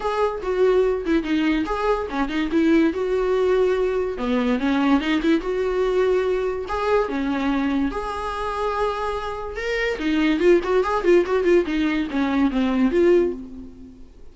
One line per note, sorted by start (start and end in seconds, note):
0.00 0.41 G#4
0.42 1.05 F#4
1.05 1.23 E4
1.23 1.64 D#4
1.65 2.07 G#4
2.09 2.28 C#4
2.28 2.49 D#4
2.51 2.93 E4
2.93 4.17 F#4
4.17 4.59 B3
4.59 5.00 C#4
5.00 5.21 D#4
5.22 5.40 E4
5.40 6.65 F#4
6.68 7.08 G#4
7.08 7.91 C#4
7.91 9.56 G#4
9.56 9.98 A#4
9.98 10.39 D#4
10.39 10.60 F4
10.63 10.83 F#4
10.83 11.04 G#4
11.04 11.24 F4
11.26 11.44 F#4
11.44 11.65 F4
11.66 12.07 D#4
12.10 12.50 C#4
12.50 12.91 C4
12.91 13.32 F4